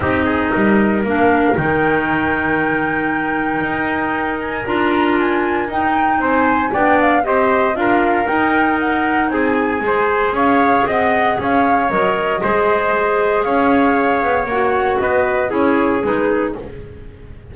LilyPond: <<
  \new Staff \with { instrumentName = "flute" } { \time 4/4 \tempo 4 = 116 dis''2 f''4 g''4~ | g''1~ | g''8 gis''8 ais''4 gis''4 g''4 | gis''4 g''8 f''8 dis''4 f''4 |
g''4 fis''4 gis''2 | f''4 fis''4 f''4 dis''4~ | dis''2 f''2 | fis''4 dis''4 cis''4 b'4 | }
  \new Staff \with { instrumentName = "trumpet" } { \time 4/4 g'8 gis'8 ais'2.~ | ais'1~ | ais'1 | c''4 d''4 c''4 ais'4~ |
ais'2 gis'4 c''4 | cis''4 dis''4 cis''2 | c''2 cis''2~ | cis''4 b'4 gis'2 | }
  \new Staff \with { instrumentName = "clarinet" } { \time 4/4 dis'2 d'4 dis'4~ | dis'1~ | dis'4 f'2 dis'4~ | dis'4 d'4 g'4 f'4 |
dis'2. gis'4~ | gis'2. ais'4 | gis'1 | fis'2 e'4 dis'4 | }
  \new Staff \with { instrumentName = "double bass" } { \time 4/4 c'4 g4 ais4 dis4~ | dis2. dis'4~ | dis'4 d'2 dis'4 | c'4 b4 c'4 d'4 |
dis'2 c'4 gis4 | cis'4 c'4 cis'4 fis4 | gis2 cis'4. b8 | ais4 b4 cis'4 gis4 | }
>>